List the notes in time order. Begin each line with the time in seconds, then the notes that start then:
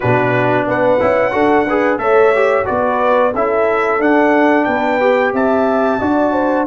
0.00 B2 D4 F#4 B4
0.67 B3 B4 F#5
1.00 C#4 E4
1.31 D4 F#4 A4
1.66 G#4 B4
1.97 A3 A4 C#5 E5
2.35 G4
2.64 B3 F#4 B4 D5
3.33 C#4 E4 A4 E5
3.99 D4 F#5
4.64 B3 B4 G5
5.00 G4
5.32 C4 E5 A5
5.99 D4 F#4 D5
6.32 C5